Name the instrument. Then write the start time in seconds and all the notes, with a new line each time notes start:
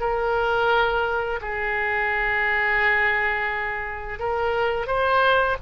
oboe
0.00 A#4
1.41 G#4
4.20 A#4
4.87 C5